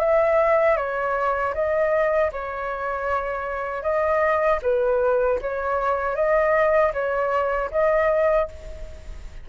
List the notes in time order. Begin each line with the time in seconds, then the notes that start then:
0.00 E5
0.77 C#5
1.55 D#5
2.32 C#5
3.83 D#5
4.63 B4
5.42 C#5
6.15 D#5
6.94 C#5
7.71 D#5